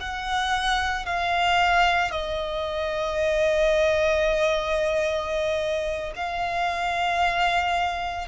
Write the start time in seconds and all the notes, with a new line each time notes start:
0.00 F#5
1.05 F5
2.11 D#5
6.16 F5